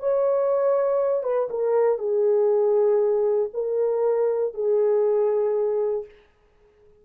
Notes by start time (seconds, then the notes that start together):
0.00 C#5
1.24 B4
1.51 A#4
1.99 G#4
3.54 A#4
4.54 G#4